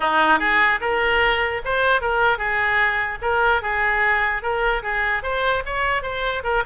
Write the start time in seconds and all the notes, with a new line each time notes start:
0.00 D#4
0.39 G#4
0.81 A#4
1.65 C5
2.01 A#4
2.38 G#4
3.21 A#4
3.62 G#4
4.42 A#4
4.82 G#4
5.23 C5
5.65 C#5
6.02 C5
6.43 A#4